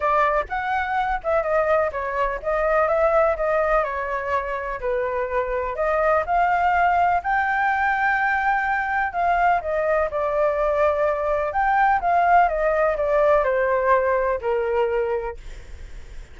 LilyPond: \new Staff \with { instrumentName = "flute" } { \time 4/4 \tempo 4 = 125 d''4 fis''4. e''8 dis''4 | cis''4 dis''4 e''4 dis''4 | cis''2 b'2 | dis''4 f''2 g''4~ |
g''2. f''4 | dis''4 d''2. | g''4 f''4 dis''4 d''4 | c''2 ais'2 | }